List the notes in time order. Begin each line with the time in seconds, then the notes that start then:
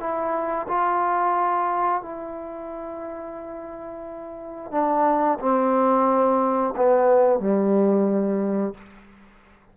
0.00 E4
0.69 F4
2.03 E4
4.72 D4
5.40 C4
6.76 B3
7.40 G3